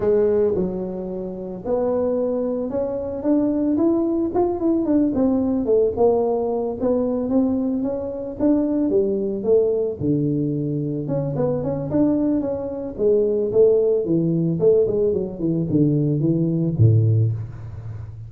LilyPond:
\new Staff \with { instrumentName = "tuba" } { \time 4/4 \tempo 4 = 111 gis4 fis2 b4~ | b4 cis'4 d'4 e'4 | f'8 e'8 d'8 c'4 a8 ais4~ | ais8 b4 c'4 cis'4 d'8~ |
d'8 g4 a4 d4.~ | d8 cis'8 b8 cis'8 d'4 cis'4 | gis4 a4 e4 a8 gis8 | fis8 e8 d4 e4 a,4 | }